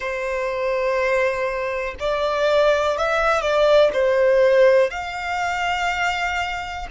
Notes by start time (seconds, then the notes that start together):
0.00 C5
1.99 D5
2.97 E5
3.41 D5
3.93 C5
4.90 F5